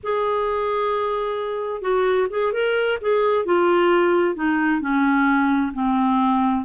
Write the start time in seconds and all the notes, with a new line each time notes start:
0.03 G#4
1.81 F#4
2.29 G#4
2.52 A#4
3.01 G#4
3.45 F4
4.35 D#4
4.80 C#4
5.73 C4